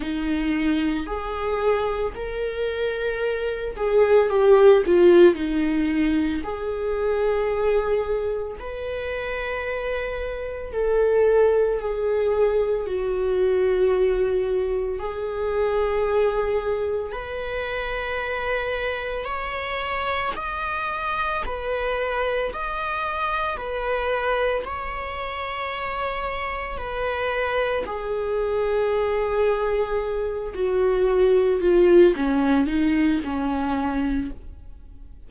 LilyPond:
\new Staff \with { instrumentName = "viola" } { \time 4/4 \tempo 4 = 56 dis'4 gis'4 ais'4. gis'8 | g'8 f'8 dis'4 gis'2 | b'2 a'4 gis'4 | fis'2 gis'2 |
b'2 cis''4 dis''4 | b'4 dis''4 b'4 cis''4~ | cis''4 b'4 gis'2~ | gis'8 fis'4 f'8 cis'8 dis'8 cis'4 | }